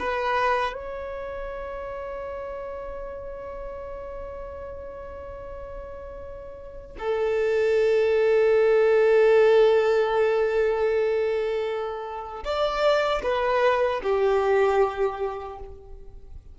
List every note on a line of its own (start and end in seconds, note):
0.00 0.74 B4
0.74 6.97 C#5
6.99 12.44 A4
12.44 13.22 D5
13.24 14.02 B4
14.03 15.59 G4